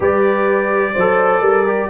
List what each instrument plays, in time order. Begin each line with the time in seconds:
0.00 tuba G3, trombone G4, horn B4, trumpet D5
0.93 tuba F#3, horn C5
0.99 trombone A4
1.40 tuba G3, horn A#4
1.66 trombone G4